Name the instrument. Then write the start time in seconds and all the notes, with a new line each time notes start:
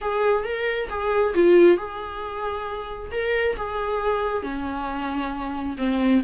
viola
0.01 G#4
0.44 A#4
0.89 G#4
1.34 F4
1.77 G#4
3.11 A#4
3.56 G#4
4.43 C#4
5.77 C4